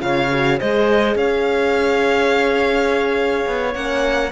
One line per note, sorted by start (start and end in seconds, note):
0.00 0.60 C#3
0.00 0.29 F4
0.00 0.59 C#5
0.00 0.60 F5
0.33 0.61 F#4
0.59 1.16 G#3
0.59 3.74 G#4
0.59 1.17 C5
0.59 1.18 D#5
1.16 3.46 C#4
1.16 4.32 C#5
1.16 3.75 F5
3.47 3.75 B3
3.74 4.32 A#3
3.74 4.32 C#4
3.74 4.32 F#5